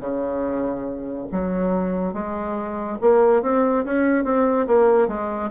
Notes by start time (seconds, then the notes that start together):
0.00 C#3
1.31 F#3
2.13 G#3
3.01 A#3
3.42 C4
3.85 C#4
4.24 C4
4.67 A#3
5.07 G#3